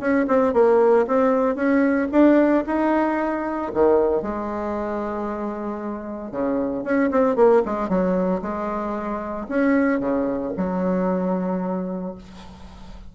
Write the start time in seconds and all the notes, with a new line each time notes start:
0.00 C#4
0.28 C4
0.54 A#3
1.07 C4
1.56 C#4
2.12 D4
2.67 D#4
3.74 D#3
4.22 G#3
6.32 C#3
6.84 C#4
7.11 C4
7.36 A#3
7.66 G#3
7.89 F#3
8.42 G#3
9.49 C#4
10.00 C#3
10.57 F#3